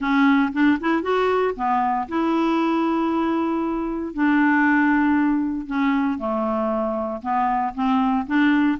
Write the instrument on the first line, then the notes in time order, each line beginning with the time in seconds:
clarinet
0.00 C#4
0.52 D4
0.80 E4
1.02 F#4
1.55 B3
2.08 E4
4.13 D4
5.67 C#4
6.18 A3
7.22 B3
7.74 C4
8.26 D4